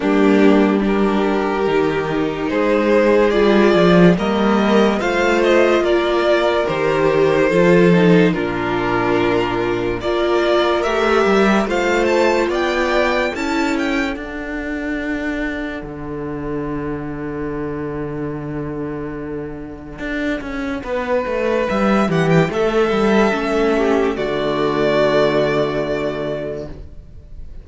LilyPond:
<<
  \new Staff \with { instrumentName = "violin" } { \time 4/4 \tempo 4 = 72 g'4 ais'2 c''4 | d''4 dis''4 f''8 dis''8 d''4 | c''2 ais'2 | d''4 e''4 f''8 a''8 g''4 |
a''8 g''8 fis''2.~ | fis''1~ | fis''2 e''8 fis''16 g''16 e''4~ | e''4 d''2. | }
  \new Staff \with { instrumentName = "violin" } { \time 4/4 d'4 g'2 gis'4~ | gis'4 ais'4 c''4 ais'4~ | ais'4 a'4 f'2 | ais'2 c''4 d''4 |
a'1~ | a'1~ | a'4 b'4. g'8 a'4~ | a'8 g'8 fis'2. | }
  \new Staff \with { instrumentName = "viola" } { \time 4/4 ais4 d'4 dis'2 | f'4 ais4 f'2 | g'4 f'8 dis'8 d'2 | f'4 g'4 f'2 |
e'4 d'2.~ | d'1~ | d'1 | cis'4 a2. | }
  \new Staff \with { instrumentName = "cello" } { \time 4/4 g2 dis4 gis4 | g8 f8 g4 a4 ais4 | dis4 f4 ais,2 | ais4 a8 g8 a4 b4 |
cis'4 d'2 d4~ | d1 | d'8 cis'8 b8 a8 g8 e8 a8 g8 | a4 d2. | }
>>